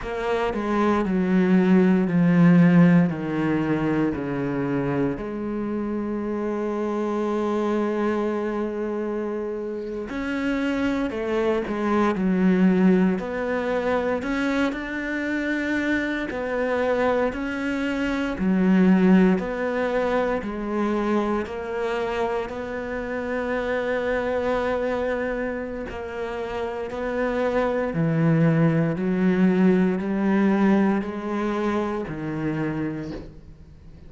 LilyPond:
\new Staff \with { instrumentName = "cello" } { \time 4/4 \tempo 4 = 58 ais8 gis8 fis4 f4 dis4 | cis4 gis2.~ | gis4.~ gis16 cis'4 a8 gis8 fis16~ | fis8. b4 cis'8 d'4. b16~ |
b8. cis'4 fis4 b4 gis16~ | gis8. ais4 b2~ b16~ | b4 ais4 b4 e4 | fis4 g4 gis4 dis4 | }